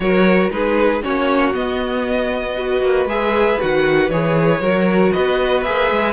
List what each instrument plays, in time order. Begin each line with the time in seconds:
0.00 cello F#3, viola F#4, violin A#4 C#5
0.50 cello G#3, viola D#4, violin G#4 B4
1.02 cello A#3, viola C#4, violin F#4 C#5
1.52 viola B3, cello B3, violin D#5
2.56 viola F#4, violin B4
2.81 cello A#3
3.05 cello G#3, viola G#4, violin E5
3.60 cello D#3, viola F#4, violin F#5
4.09 cello E3, viola G#4, violin C#5
4.60 cello F#3, viola F#4, violin A#4
5.12 cello B3, violin B4 D#5
5.62 cello A#3, viola G#4, violin E5
5.91 cello G#3